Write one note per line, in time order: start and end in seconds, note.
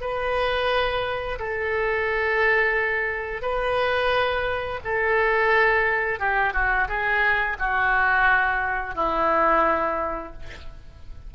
0.00 1.38 B4
1.39 3.41 A4
3.41 4.79 B4
4.84 6.19 A4
6.19 6.53 G4
6.53 6.87 F#4
6.87 7.56 G#4
7.59 8.94 F#4
8.94 10.32 E4